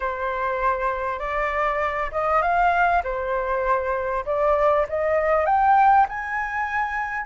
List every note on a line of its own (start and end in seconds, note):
0.00 1.19 C5
1.19 2.10 D5
2.11 2.41 D#5
2.41 3.02 F5
3.03 4.24 C5
4.25 4.86 D5
4.88 5.45 D#5
5.45 6.06 G5
6.08 7.26 G#5